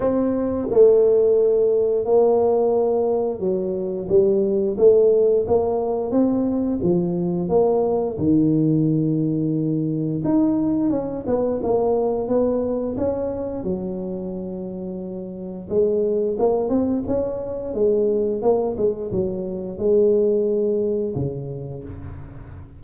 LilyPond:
\new Staff \with { instrumentName = "tuba" } { \time 4/4 \tempo 4 = 88 c'4 a2 ais4~ | ais4 fis4 g4 a4 | ais4 c'4 f4 ais4 | dis2. dis'4 |
cis'8 b8 ais4 b4 cis'4 | fis2. gis4 | ais8 c'8 cis'4 gis4 ais8 gis8 | fis4 gis2 cis4 | }